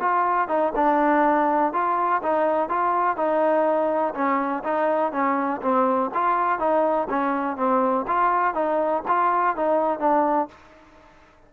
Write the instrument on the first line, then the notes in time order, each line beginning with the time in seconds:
trombone
0.00 F4
0.48 D#4
0.75 D4
1.73 F4
2.22 D#4
2.69 F4
3.16 D#4
4.14 C#4
4.64 D#4
5.12 C#4
5.62 C4
6.14 F4
6.59 D#4
7.09 C#4
7.56 C4
8.07 F4
8.54 D#4
9.08 F4
9.56 D#4
9.99 D4